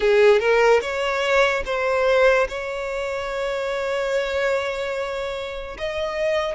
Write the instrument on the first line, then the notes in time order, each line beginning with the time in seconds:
violin
0.00 G#4
0.39 A#4
0.81 C#5
1.65 C5
2.48 C#5
5.78 D#5